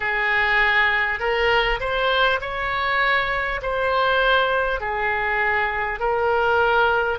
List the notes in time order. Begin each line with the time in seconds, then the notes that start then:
0.00 G#4
1.19 A#4
1.79 C5
2.41 C#5
3.62 C5
4.80 G#4
5.99 A#4